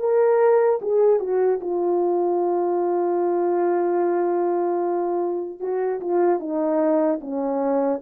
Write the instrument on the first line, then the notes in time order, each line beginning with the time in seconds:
horn
0.00 A#4
0.82 G#4
1.20 F#4
1.61 F4
5.60 F#4
6.01 F4
6.40 D#4
7.21 C#4